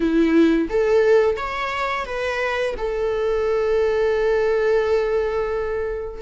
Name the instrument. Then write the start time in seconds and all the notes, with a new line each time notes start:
viola
0.00 E4
0.69 A4
1.36 C#5
2.05 B4
2.77 A4